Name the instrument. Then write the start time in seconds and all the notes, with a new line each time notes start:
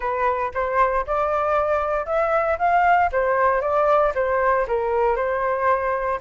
flute
0.00 B4
0.53 C5
1.06 D5
2.05 E5
2.58 F5
3.12 C5
3.61 D5
4.14 C5
4.67 A#4
5.16 C5